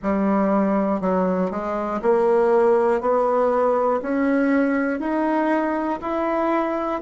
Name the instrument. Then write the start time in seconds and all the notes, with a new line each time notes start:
bassoon
0.02 G3
1.00 F#3
1.50 G#3
2.01 A#3
3.00 B3
4.02 C#4
5.00 D#4
6.01 E4